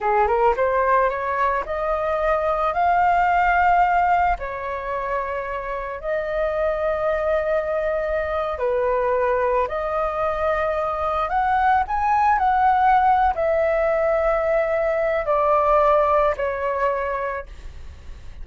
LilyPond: \new Staff \with { instrumentName = "flute" } { \time 4/4 \tempo 4 = 110 gis'8 ais'8 c''4 cis''4 dis''4~ | dis''4 f''2. | cis''2. dis''4~ | dis''2.~ dis''8. b'16~ |
b'4.~ b'16 dis''2~ dis''16~ | dis''8. fis''4 gis''4 fis''4~ fis''16~ | fis''8 e''2.~ e''8 | d''2 cis''2 | }